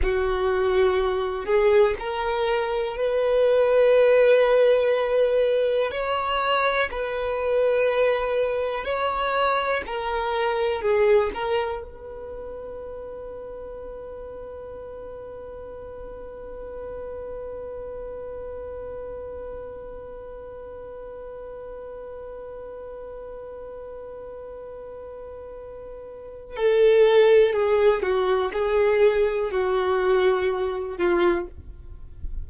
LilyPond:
\new Staff \with { instrumentName = "violin" } { \time 4/4 \tempo 4 = 61 fis'4. gis'8 ais'4 b'4~ | b'2 cis''4 b'4~ | b'4 cis''4 ais'4 gis'8 ais'8 | b'1~ |
b'1~ | b'1~ | b'2. a'4 | gis'8 fis'8 gis'4 fis'4. f'8 | }